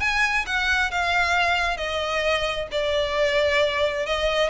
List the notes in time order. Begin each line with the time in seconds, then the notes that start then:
0.00 G#5
0.46 F#5
0.91 F5
1.77 D#5
2.71 D5
4.06 D#5